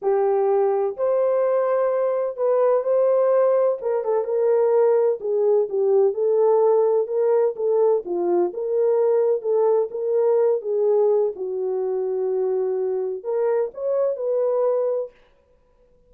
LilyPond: \new Staff \with { instrumentName = "horn" } { \time 4/4 \tempo 4 = 127 g'2 c''2~ | c''4 b'4 c''2 | ais'8 a'8 ais'2 gis'4 | g'4 a'2 ais'4 |
a'4 f'4 ais'2 | a'4 ais'4. gis'4. | fis'1 | ais'4 cis''4 b'2 | }